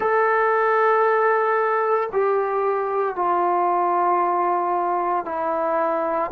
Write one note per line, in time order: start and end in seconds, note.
0.00 2.09 A4
2.12 3.15 G4
3.15 5.25 F4
5.25 6.30 E4